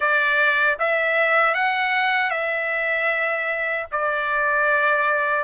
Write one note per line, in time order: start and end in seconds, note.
0.00 0.78 D5
0.79 1.54 E5
1.54 2.30 F#5
2.30 3.86 E5
3.91 5.44 D5